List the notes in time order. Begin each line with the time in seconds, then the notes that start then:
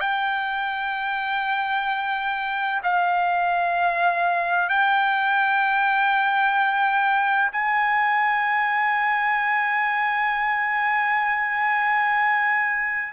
0.00 G5
2.83 F5
4.69 G5
7.52 G#5